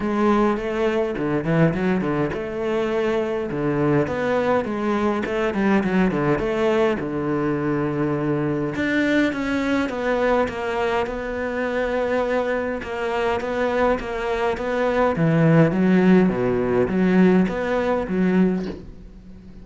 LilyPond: \new Staff \with { instrumentName = "cello" } { \time 4/4 \tempo 4 = 103 gis4 a4 d8 e8 fis8 d8 | a2 d4 b4 | gis4 a8 g8 fis8 d8 a4 | d2. d'4 |
cis'4 b4 ais4 b4~ | b2 ais4 b4 | ais4 b4 e4 fis4 | b,4 fis4 b4 fis4 | }